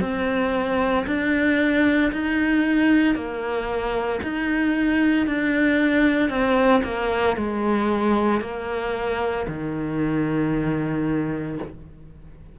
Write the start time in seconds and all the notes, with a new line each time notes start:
0.00 C4
1.07 D4
2.12 D#4
3.15 A#3
4.23 D#4
5.27 D4
6.30 C4
6.84 A#3
7.37 G#3
8.41 A#3
9.48 D#3